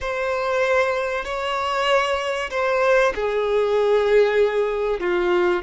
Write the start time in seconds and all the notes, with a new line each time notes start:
0.00 C5
1.24 C#5
2.50 C5
3.15 G#4
5.00 F4